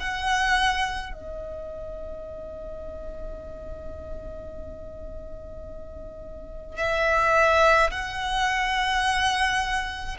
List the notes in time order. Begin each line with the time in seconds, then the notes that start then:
0.00 F#5
1.13 D#5
6.77 E5
7.91 F#5